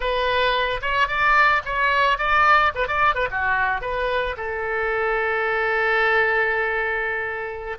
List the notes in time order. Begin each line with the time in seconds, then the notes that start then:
0.00 B4
0.81 C#5
1.07 D5
1.65 C#5
2.18 D5
2.74 B4
2.87 D5
3.14 B4
3.30 F#4
3.81 B4
4.37 A4